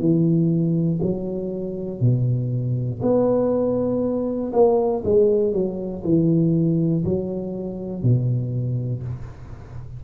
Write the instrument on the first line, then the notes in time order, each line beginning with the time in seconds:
tuba
0.00 E3
1.03 F#3
2.01 B2
3.02 B3
4.53 A#3
5.05 G#3
5.53 F#3
6.05 E3
7.05 F#3
8.03 B2